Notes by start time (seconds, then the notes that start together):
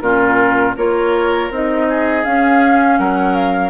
0.00 A#2 C#4 F4 A#4
0.76 A#3 F4 A#4 C#5
1.50 C4 D#4 D#5
1.89 G#4
2.24 C#4 F5
2.98 F#3 A#4 F#5
3.35 F5